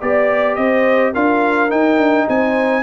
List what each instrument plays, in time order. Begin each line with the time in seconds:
0.00 tuba B3, trombone G4, horn D5, trumpet D5
0.55 tuba C4, horn C5, trumpet D#5
1.13 tuba D4, trombone F4, horn A#4, trumpet F5
1.69 trombone D#4, tuba D#4, trumpet G5
1.97 tuba D4
2.28 tuba C4, horn C5, trumpet G#5